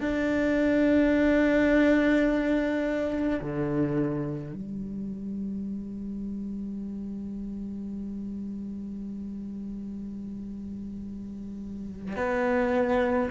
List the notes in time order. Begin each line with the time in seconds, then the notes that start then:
0.00 D4
3.41 D3
4.53 G3
12.16 B3